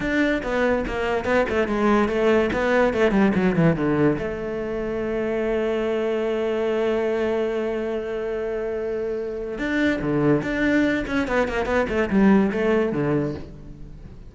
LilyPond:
\new Staff \with { instrumentName = "cello" } { \time 4/4 \tempo 4 = 144 d'4 b4 ais4 b8 a8 | gis4 a4 b4 a8 g8 | fis8 e8 d4 a2~ | a1~ |
a1~ | a2. d'4 | d4 d'4. cis'8 b8 ais8 | b8 a8 g4 a4 d4 | }